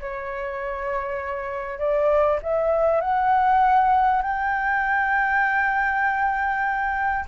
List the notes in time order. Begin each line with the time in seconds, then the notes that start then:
0.00 C#5
1.78 D5
2.42 E5
3.01 F#5
4.22 G5